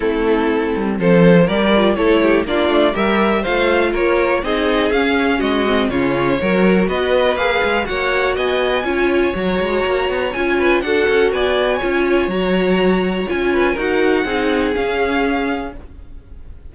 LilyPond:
<<
  \new Staff \with { instrumentName = "violin" } { \time 4/4 \tempo 4 = 122 a'2 c''4 d''4 | cis''4 d''4 e''4 f''4 | cis''4 dis''4 f''4 dis''4 | cis''2 dis''4 f''4 |
fis''4 gis''2 ais''4~ | ais''4 gis''4 fis''4 gis''4~ | gis''4 ais''2 gis''4 | fis''2 f''2 | }
  \new Staff \with { instrumentName = "violin" } { \time 4/4 e'2 a'4 ais'4 | a'8 g'8 f'4 ais'4 c''4 | ais'4 gis'2 fis'4 | f'4 ais'4 b'2 |
cis''4 dis''4 cis''2~ | cis''4. b'8 a'4 d''4 | cis''2.~ cis''8 b'8 | ais'4 gis'2. | }
  \new Staff \with { instrumentName = "viola" } { \time 4/4 c'2. g'8 f'8 | e'4 d'4 g'4 f'4~ | f'4 dis'4 cis'4. c'8 | cis'4 fis'2 gis'4 |
fis'2 f'4 fis'4~ | fis'4 f'4 fis'2 | f'4 fis'2 f'4 | fis'4 dis'4 cis'2 | }
  \new Staff \with { instrumentName = "cello" } { \time 4/4 a4. g8 f4 g4 | a4 ais8 a8 g4 a4 | ais4 c'4 cis'4 gis4 | cis4 fis4 b4 ais8 gis8 |
ais4 b4 cis'4 fis8 gis8 | ais8 b8 cis'4 d'8 cis'8 b4 | cis'4 fis2 cis'4 | dis'4 c'4 cis'2 | }
>>